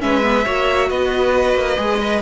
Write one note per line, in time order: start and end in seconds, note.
0.00 0.47 G#3
0.00 0.22 C#4
0.00 0.45 B4
0.00 0.90 E5
0.22 0.44 B3
0.45 0.90 A#3
0.45 1.77 F#4
0.45 0.89 C#5
0.90 1.55 B3
0.90 1.99 B4
0.90 2.22 D#5
1.55 1.77 A#3
1.77 2.22 G#3
1.77 1.99 G#4
1.99 2.22 B4
1.99 2.21 D#5